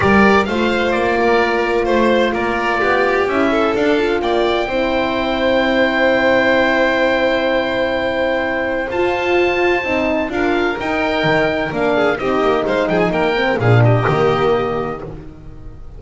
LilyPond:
<<
  \new Staff \with { instrumentName = "oboe" } { \time 4/4 \tempo 4 = 128 d''4 f''4 d''2 | c''4 d''2 e''4 | f''4 g''2.~ | g''1~ |
g''2. a''4~ | a''2 f''4 g''4~ | g''4 f''4 dis''4 f''8 g''16 gis''16 | g''4 f''8 dis''2~ dis''8 | }
  \new Staff \with { instrumentName = "violin" } { \time 4/4 ais'4 c''4. ais'4. | c''4 ais'4 g'4. a'8~ | a'4 d''4 c''2~ | c''1~ |
c''1~ | c''2 ais'2~ | ais'4. gis'8 g'4 c''8 gis'8 | ais'4 gis'8 g'2~ g'8 | }
  \new Staff \with { instrumentName = "horn" } { \time 4/4 g'4 f'2.~ | f'2. e'4 | d'8 f'4. e'2~ | e'1~ |
e'2. f'4~ | f'4 dis'4 f'4 dis'4~ | dis'4 d'4 dis'2~ | dis'8 c'8 d'4 ais2 | }
  \new Staff \with { instrumentName = "double bass" } { \time 4/4 g4 a4 ais2 | a4 ais4 b4 cis'4 | d'4 ais4 c'2~ | c'1~ |
c'2. f'4~ | f'4 c'4 d'4 dis'4 | dis4 ais4 c'8 ais8 gis8 f8 | ais4 ais,4 dis2 | }
>>